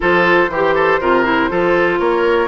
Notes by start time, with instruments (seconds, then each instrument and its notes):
0.00 bassoon F3, clarinet F4, oboe A4, flute C5
0.48 bassoon E3, oboe G4
0.55 clarinet G4
0.74 oboe A4
1.00 bassoon C3, clarinet F4, oboe A#4
1.24 clarinet E4
1.49 bassoon F3, clarinet F4, oboe A4
1.99 bassoon A#3, oboe A#4, flute C#5